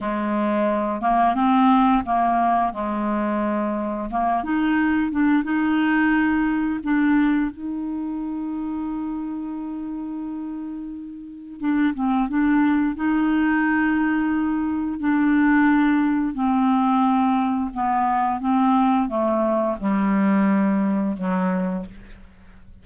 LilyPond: \new Staff \with { instrumentName = "clarinet" } { \time 4/4 \tempo 4 = 88 gis4. ais8 c'4 ais4 | gis2 ais8 dis'4 d'8 | dis'2 d'4 dis'4~ | dis'1~ |
dis'4 d'8 c'8 d'4 dis'4~ | dis'2 d'2 | c'2 b4 c'4 | a4 g2 fis4 | }